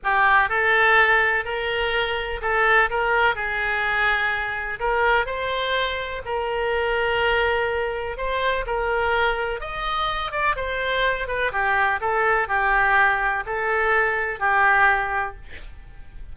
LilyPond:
\new Staff \with { instrumentName = "oboe" } { \time 4/4 \tempo 4 = 125 g'4 a'2 ais'4~ | ais'4 a'4 ais'4 gis'4~ | gis'2 ais'4 c''4~ | c''4 ais'2.~ |
ais'4 c''4 ais'2 | dis''4. d''8 c''4. b'8 | g'4 a'4 g'2 | a'2 g'2 | }